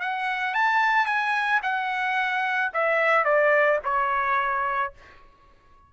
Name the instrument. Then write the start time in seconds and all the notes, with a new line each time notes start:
trumpet
0.00 F#5
0.54 A5
1.05 G#5
1.62 F#5
2.73 E5
3.24 D5
3.84 C#5